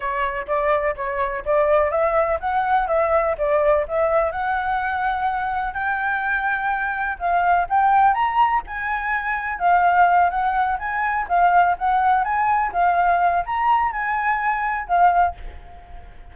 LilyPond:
\new Staff \with { instrumentName = "flute" } { \time 4/4 \tempo 4 = 125 cis''4 d''4 cis''4 d''4 | e''4 fis''4 e''4 d''4 | e''4 fis''2. | g''2. f''4 |
g''4 ais''4 gis''2 | f''4. fis''4 gis''4 f''8~ | f''8 fis''4 gis''4 f''4. | ais''4 gis''2 f''4 | }